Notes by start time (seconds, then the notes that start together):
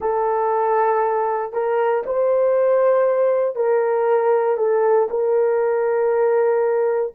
0.00 A4
1.53 A#4
2.06 C5
3.55 A#4
4.57 A4
5.09 A#4